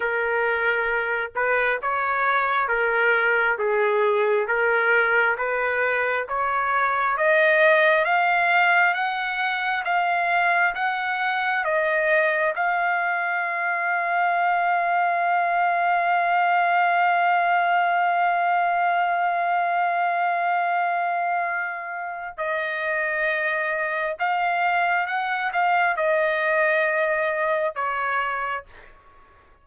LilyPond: \new Staff \with { instrumentName = "trumpet" } { \time 4/4 \tempo 4 = 67 ais'4. b'8 cis''4 ais'4 | gis'4 ais'4 b'4 cis''4 | dis''4 f''4 fis''4 f''4 | fis''4 dis''4 f''2~ |
f''1~ | f''1~ | f''4 dis''2 f''4 | fis''8 f''8 dis''2 cis''4 | }